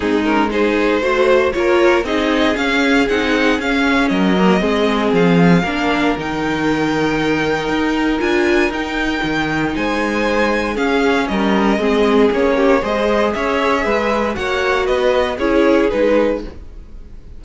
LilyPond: <<
  \new Staff \with { instrumentName = "violin" } { \time 4/4 \tempo 4 = 117 gis'8 ais'8 c''2 cis''4 | dis''4 f''4 fis''4 f''4 | dis''2 f''2 | g''1 |
gis''4 g''2 gis''4~ | gis''4 f''4 dis''2 | cis''4 dis''4 e''2 | fis''4 dis''4 cis''4 b'4 | }
  \new Staff \with { instrumentName = "violin" } { \time 4/4 dis'4 gis'4 c''4 ais'4 | gis'1 | ais'4 gis'2 ais'4~ | ais'1~ |
ais'2. c''4~ | c''4 gis'4 ais'4 gis'4~ | gis'8 g'8 c''4 cis''4 b'4 | cis''4 b'4 gis'2 | }
  \new Staff \with { instrumentName = "viola" } { \time 4/4 c'8 cis'8 dis'4 fis'4 f'4 | dis'4 cis'4 dis'4 cis'4~ | cis'8 ais8 c'2 d'4 | dis'1 |
f'4 dis'2.~ | dis'4 cis'2 c'4 | cis'4 gis'2. | fis'2 e'4 dis'4 | }
  \new Staff \with { instrumentName = "cello" } { \time 4/4 gis2 a4 ais4 | c'4 cis'4 c'4 cis'4 | fis4 gis4 f4 ais4 | dis2. dis'4 |
d'4 dis'4 dis4 gis4~ | gis4 cis'4 g4 gis4 | ais4 gis4 cis'4 gis4 | ais4 b4 cis'4 gis4 | }
>>